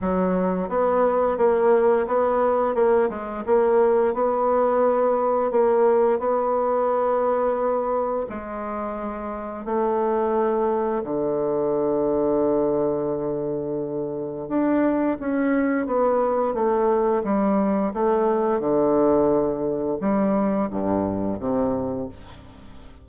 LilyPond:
\new Staff \with { instrumentName = "bassoon" } { \time 4/4 \tempo 4 = 87 fis4 b4 ais4 b4 | ais8 gis8 ais4 b2 | ais4 b2. | gis2 a2 |
d1~ | d4 d'4 cis'4 b4 | a4 g4 a4 d4~ | d4 g4 g,4 c4 | }